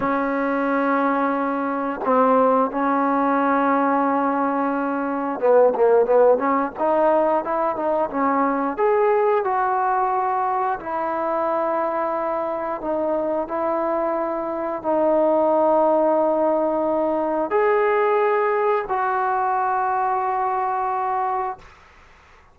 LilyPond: \new Staff \with { instrumentName = "trombone" } { \time 4/4 \tempo 4 = 89 cis'2. c'4 | cis'1 | b8 ais8 b8 cis'8 dis'4 e'8 dis'8 | cis'4 gis'4 fis'2 |
e'2. dis'4 | e'2 dis'2~ | dis'2 gis'2 | fis'1 | }